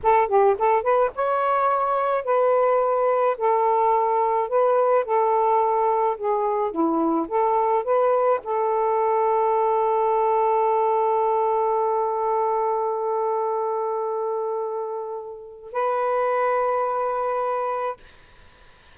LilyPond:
\new Staff \with { instrumentName = "saxophone" } { \time 4/4 \tempo 4 = 107 a'8 g'8 a'8 b'8 cis''2 | b'2 a'2 | b'4 a'2 gis'4 | e'4 a'4 b'4 a'4~ |
a'1~ | a'1~ | a'1 | b'1 | }